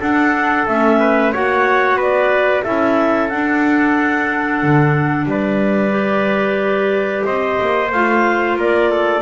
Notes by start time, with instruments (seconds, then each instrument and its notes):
0.00 clarinet D4 F#5, double bass D4, trumpet A4
0.66 double bass A3, clarinet C#4 E5
0.99 trumpet B4
1.33 double bass A#3, clarinet F#4 F#5, trumpet C#5
1.95 double bass B3, trumpet B4
2.01 clarinet D5
2.63 double bass C#4, clarinet E4 E5, trumpet A4
3.29 clarinet D4 F#5, double bass D4
4.62 double bass D3
5.25 double bass G3, trumpet B4, clarinet D5
5.90 clarinet G4
7.24 double bass C4, trumpet C5, clarinet D#5
7.61 double bass A#3
7.91 double bass A3, clarinet F4 F5
8.56 double bass A#3, trumpet A#4, clarinet D5
8.90 trumpet A4